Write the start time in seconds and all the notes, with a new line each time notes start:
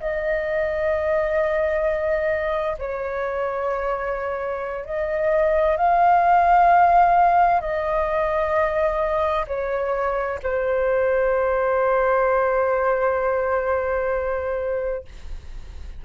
0.00 D#5
2.79 C#5
4.85 D#5
5.77 F5
7.61 D#5
9.47 C#5
10.43 C5